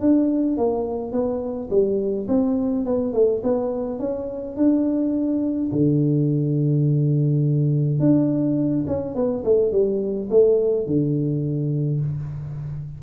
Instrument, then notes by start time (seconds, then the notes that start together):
tuba
0.00 D4
0.57 A#3
1.12 B3
1.70 G3
2.28 C4
2.85 B3
3.13 A3
3.43 B3
3.99 C#4
4.56 D4
5.72 D3
7.99 D4
8.87 C#4
9.15 B3
9.44 A3
9.71 G3
10.30 A3
10.86 D3